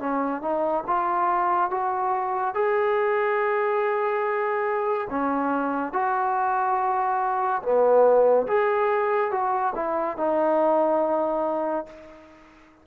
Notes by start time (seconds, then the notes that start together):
0.00 C#4
0.42 D#4
0.87 F4
1.71 F#4
2.55 G#4
5.10 C#4
5.93 F#4
7.63 B3
8.47 G#4
9.31 F#4
9.76 E4
10.18 D#4